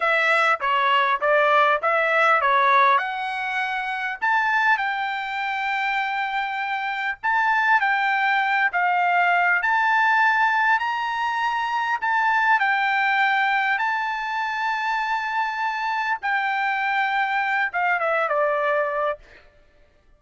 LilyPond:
\new Staff \with { instrumentName = "trumpet" } { \time 4/4 \tempo 4 = 100 e''4 cis''4 d''4 e''4 | cis''4 fis''2 a''4 | g''1 | a''4 g''4. f''4. |
a''2 ais''2 | a''4 g''2 a''4~ | a''2. g''4~ | g''4. f''8 e''8 d''4. | }